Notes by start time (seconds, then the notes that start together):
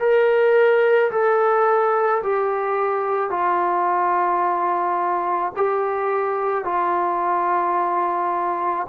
0.00 A#4
1.12 A4
2.23 G4
3.30 F4
5.57 G4
6.65 F4